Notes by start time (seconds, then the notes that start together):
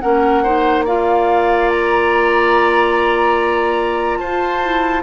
0.00 A#3 C#4 A#4 F#5
0.43 D#4 C5
0.85 F4 D5 F5
1.69 A#5
4.18 F4 C5 A5
4.62 E4